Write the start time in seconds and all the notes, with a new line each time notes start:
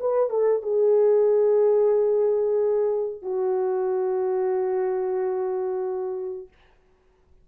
0.00 B4
0.30 A4
0.63 G#4
3.22 F#4